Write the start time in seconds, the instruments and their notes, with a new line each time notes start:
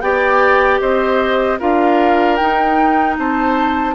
0.00 bassoon B3, clarinet G4, oboe D5, flute G5
0.80 bassoon C4, oboe C5, flute D#5
1.59 bassoon D4, clarinet F4, oboe A#4, flute F5
2.36 clarinet D#4, bassoon D#4, flute G5
3.18 bassoon C4, oboe C5, flute A5